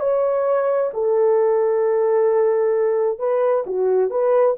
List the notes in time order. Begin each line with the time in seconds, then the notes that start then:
0.00 C#5
0.94 A4
3.19 B4
3.66 F#4
4.10 B4